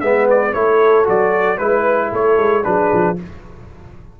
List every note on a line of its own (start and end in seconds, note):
0.00 0.54 G#3
0.00 0.54 B3
0.00 0.54 B4
0.00 0.26 E5
0.30 0.53 D5
0.53 1.07 A3
0.53 1.04 E4
0.53 1.58 A4
0.53 1.06 C#5
1.04 1.59 F#3
1.04 1.57 F#4
1.04 1.58 D5
1.58 2.12 G#3
1.58 2.63 E4
1.58 2.10 B4
1.58 2.11 B4
2.12 2.37 A3
2.12 2.64 A4
2.12 2.64 C#5
2.37 2.64 G#3
2.63 2.92 F#3
2.63 3.16 D4
2.63 3.17 G#4
2.63 3.16 B4
2.93 3.20 F3